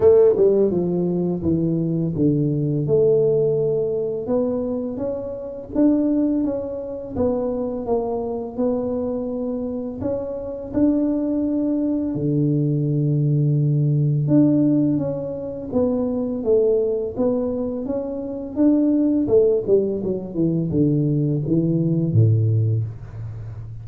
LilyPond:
\new Staff \with { instrumentName = "tuba" } { \time 4/4 \tempo 4 = 84 a8 g8 f4 e4 d4 | a2 b4 cis'4 | d'4 cis'4 b4 ais4 | b2 cis'4 d'4~ |
d'4 d2. | d'4 cis'4 b4 a4 | b4 cis'4 d'4 a8 g8 | fis8 e8 d4 e4 a,4 | }